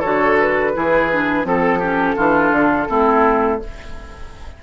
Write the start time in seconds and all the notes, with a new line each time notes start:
0.00 D3 F#4 A4 C#5
0.40 B4
0.75 E3 E4 G#4
1.13 D4
1.44 F3 C4 A4
1.79 C#4 G4
2.17 E3 D4 F4
2.51 D3
2.88 A3 C4 E4